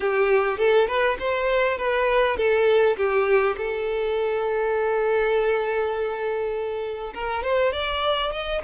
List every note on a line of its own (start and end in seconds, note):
0.00 0.58 G4
0.58 0.87 A4
0.87 1.17 B4
1.19 1.77 C5
1.77 2.37 B4
2.37 2.96 A4
2.96 3.56 G4
3.57 7.13 A4
7.14 7.43 A#4
7.43 7.72 C5
7.72 8.31 D5
8.32 8.61 D#5